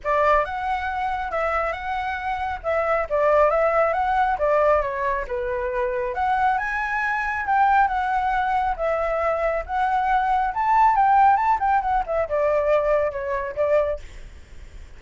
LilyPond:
\new Staff \with { instrumentName = "flute" } { \time 4/4 \tempo 4 = 137 d''4 fis''2 e''4 | fis''2 e''4 d''4 | e''4 fis''4 d''4 cis''4 | b'2 fis''4 gis''4~ |
gis''4 g''4 fis''2 | e''2 fis''2 | a''4 g''4 a''8 g''8 fis''8 e''8 | d''2 cis''4 d''4 | }